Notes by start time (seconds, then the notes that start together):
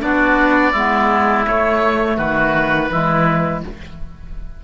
0.00 B3 D4 F#4 D5
0.71 G#3 B3 E4
1.44 A3 C#5
2.17 D#3 F#4 B4
2.91 E3 G#3 E4